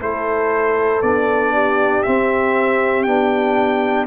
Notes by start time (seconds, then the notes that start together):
0.00 A3 E4 A4 C5
1.02 B3 D4 D5
1.53 G4
2.03 C4 E5
3.03 B3 D4 G5